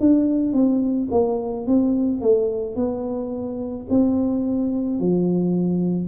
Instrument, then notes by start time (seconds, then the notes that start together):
tuba
0.00 D4
0.53 C4
1.11 A#3
1.66 C4
2.21 A3
2.75 B3
3.89 C4
4.99 F3